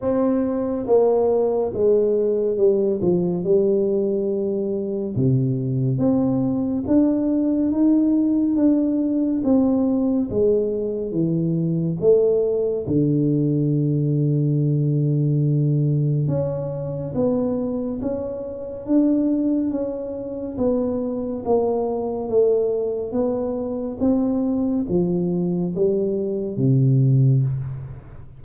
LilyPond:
\new Staff \with { instrumentName = "tuba" } { \time 4/4 \tempo 4 = 70 c'4 ais4 gis4 g8 f8 | g2 c4 c'4 | d'4 dis'4 d'4 c'4 | gis4 e4 a4 d4~ |
d2. cis'4 | b4 cis'4 d'4 cis'4 | b4 ais4 a4 b4 | c'4 f4 g4 c4 | }